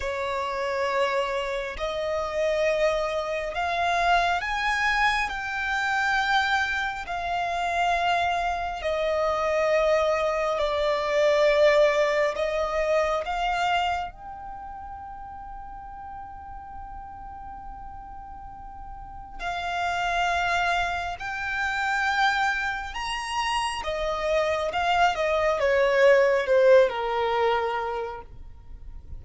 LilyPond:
\new Staff \with { instrumentName = "violin" } { \time 4/4 \tempo 4 = 68 cis''2 dis''2 | f''4 gis''4 g''2 | f''2 dis''2 | d''2 dis''4 f''4 |
g''1~ | g''2 f''2 | g''2 ais''4 dis''4 | f''8 dis''8 cis''4 c''8 ais'4. | }